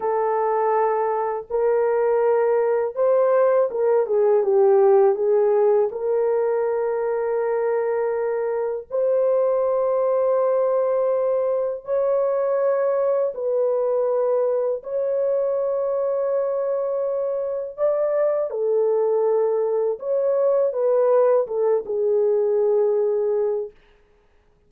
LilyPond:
\new Staff \with { instrumentName = "horn" } { \time 4/4 \tempo 4 = 81 a'2 ais'2 | c''4 ais'8 gis'8 g'4 gis'4 | ais'1 | c''1 |
cis''2 b'2 | cis''1 | d''4 a'2 cis''4 | b'4 a'8 gis'2~ gis'8 | }